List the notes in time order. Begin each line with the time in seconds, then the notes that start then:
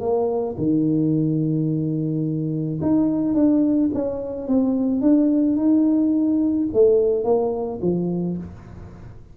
0.00 A#3
0.57 D#3
2.82 D#4
3.34 D4
3.94 C#4
4.47 C4
5.01 D4
5.57 D#4
6.73 A3
7.24 A#3
7.82 F3